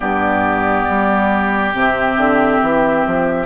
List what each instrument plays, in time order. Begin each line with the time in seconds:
0.00 bassoon G2, clarinet B3, oboe G4, flute D5
0.89 bassoon G3
1.73 bassoon C3, clarinet C4, flute E5
2.17 bassoon D3
2.62 bassoon E3
3.06 bassoon F3